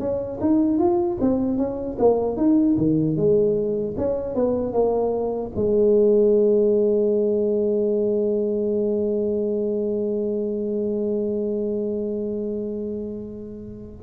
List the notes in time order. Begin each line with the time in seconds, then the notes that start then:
0.00 C#4
0.41 D#4
0.79 F4
1.21 C4
1.58 C#4
1.99 A#3
2.37 D#4
2.78 D#3
3.17 G#3
3.98 C#4
4.35 B3
4.73 A#3
5.56 G#3